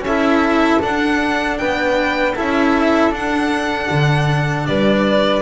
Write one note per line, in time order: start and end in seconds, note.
0.00 0.77 C#4
0.00 1.59 A4
0.00 0.81 E5
0.08 0.80 E4
0.80 2.34 D4
0.80 1.60 D4
0.80 1.58 F#5
1.58 2.38 B3
1.58 2.35 B4
1.58 2.35 G5
2.35 3.11 C#4
2.35 3.11 E4
2.35 4.66 A4
2.35 3.14 E5
3.11 3.88 D4
3.11 5.42 D4
3.11 4.66 F#5
3.90 4.67 D3
4.66 5.42 G3
4.66 5.42 B4
4.66 5.42 D5